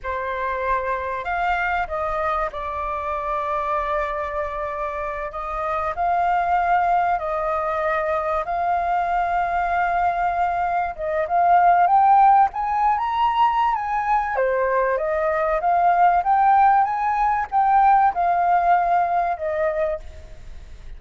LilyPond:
\new Staff \with { instrumentName = "flute" } { \time 4/4 \tempo 4 = 96 c''2 f''4 dis''4 | d''1~ | d''8 dis''4 f''2 dis''8~ | dis''4. f''2~ f''8~ |
f''4. dis''8 f''4 g''4 | gis''8. ais''4~ ais''16 gis''4 c''4 | dis''4 f''4 g''4 gis''4 | g''4 f''2 dis''4 | }